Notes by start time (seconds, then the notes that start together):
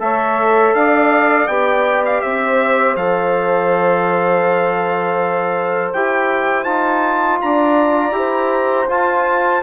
0.00 A3 A4 C#5 E5
0.74 D4 D5 F5
1.47 B3 G4 G5
2.06 F5
2.21 C4 C5 E5
2.96 F3 A4 F5
5.93 E4 G4 G5
6.64 D#4 F4 A5
7.41 D4 D5 A#5
8.12 E4 G4
8.18 C5
8.88 F4 A5